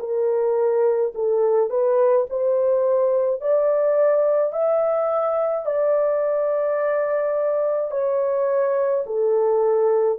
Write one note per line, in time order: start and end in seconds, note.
0.00 1.13 A#4
1.15 1.70 A4
1.70 2.27 B4
2.30 3.41 C5
3.41 4.53 D5
4.53 5.66 E5
5.67 7.91 D5
7.91 9.05 C#5
9.07 10.19 A4